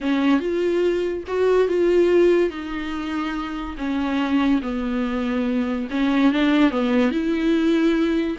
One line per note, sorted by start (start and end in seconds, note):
0.00 0.40 C#4
0.40 1.24 F4
1.27 1.67 F#4
1.67 2.50 F4
2.50 3.76 D#4
3.77 4.61 C#4
4.62 5.87 B3
5.90 6.32 C#4
6.32 6.70 D4
6.70 7.11 B3
7.11 8.36 E4